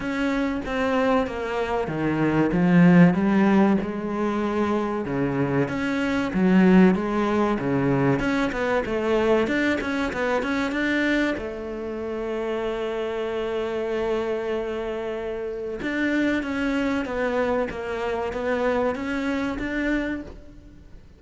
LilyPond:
\new Staff \with { instrumentName = "cello" } { \time 4/4 \tempo 4 = 95 cis'4 c'4 ais4 dis4 | f4 g4 gis2 | cis4 cis'4 fis4 gis4 | cis4 cis'8 b8 a4 d'8 cis'8 |
b8 cis'8 d'4 a2~ | a1~ | a4 d'4 cis'4 b4 | ais4 b4 cis'4 d'4 | }